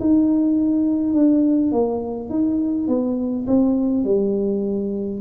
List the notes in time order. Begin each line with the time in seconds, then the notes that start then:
0.00 D#4
1.14 D4
1.72 A#3
2.30 D#4
2.88 B3
3.47 C4
4.05 G3